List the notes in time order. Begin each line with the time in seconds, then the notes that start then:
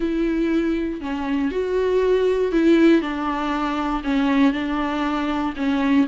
0.00 E4
1.00 C#4
1.51 F#4
2.52 E4
3.01 D4
4.03 C#4
4.52 D4
5.56 C#4